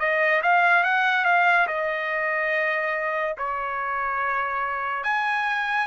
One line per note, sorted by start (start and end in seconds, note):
0.00 0.42 D#5
0.43 0.84 F5
0.84 1.25 F#5
1.25 1.67 F5
1.67 3.36 D#5
3.38 5.04 C#5
5.04 5.87 G#5